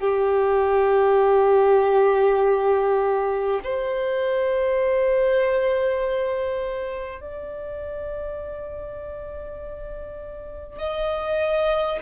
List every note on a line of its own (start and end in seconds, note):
0.00 3.60 G4
3.64 7.21 C5
7.21 10.79 D5
10.79 11.99 D#5